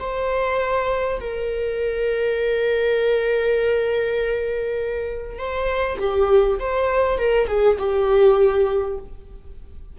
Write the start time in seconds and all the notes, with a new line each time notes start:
0.00 C5
1.20 A#4
5.39 C5
5.99 G4
6.59 C5
7.18 A#4
7.48 G#4
7.79 G4